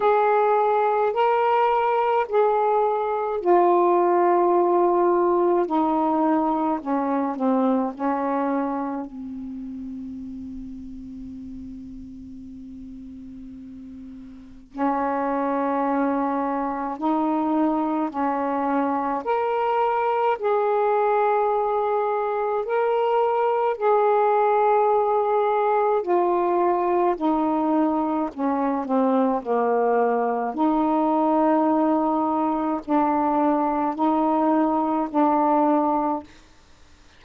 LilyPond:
\new Staff \with { instrumentName = "saxophone" } { \time 4/4 \tempo 4 = 53 gis'4 ais'4 gis'4 f'4~ | f'4 dis'4 cis'8 c'8 cis'4 | c'1~ | c'4 cis'2 dis'4 |
cis'4 ais'4 gis'2 | ais'4 gis'2 f'4 | dis'4 cis'8 c'8 ais4 dis'4~ | dis'4 d'4 dis'4 d'4 | }